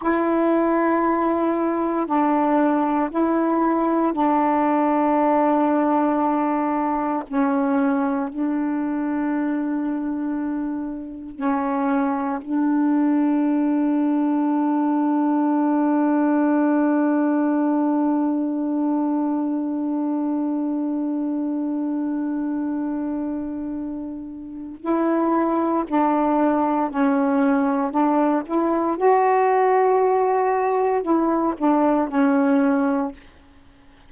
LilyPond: \new Staff \with { instrumentName = "saxophone" } { \time 4/4 \tempo 4 = 58 e'2 d'4 e'4 | d'2. cis'4 | d'2. cis'4 | d'1~ |
d'1~ | d'1 | e'4 d'4 cis'4 d'8 e'8 | fis'2 e'8 d'8 cis'4 | }